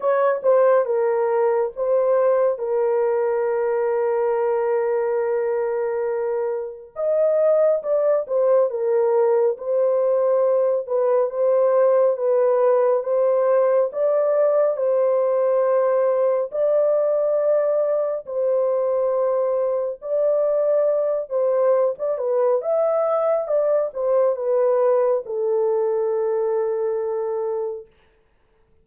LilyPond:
\new Staff \with { instrumentName = "horn" } { \time 4/4 \tempo 4 = 69 cis''8 c''8 ais'4 c''4 ais'4~ | ais'1 | dis''4 d''8 c''8 ais'4 c''4~ | c''8 b'8 c''4 b'4 c''4 |
d''4 c''2 d''4~ | d''4 c''2 d''4~ | d''8 c''8. d''16 b'8 e''4 d''8 c''8 | b'4 a'2. | }